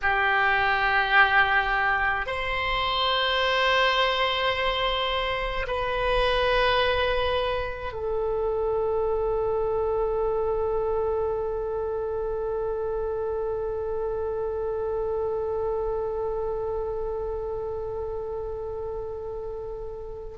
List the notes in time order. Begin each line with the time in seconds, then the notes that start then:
0.02 G4
2.26 C5
5.67 B4
7.92 A4